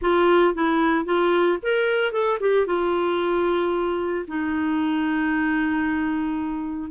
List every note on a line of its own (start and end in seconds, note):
0.01 0.54 F4
0.54 1.05 E4
1.05 1.58 F4
1.62 2.12 A#4
2.12 2.38 A4
2.40 2.66 G4
2.66 4.25 F4
4.27 6.90 D#4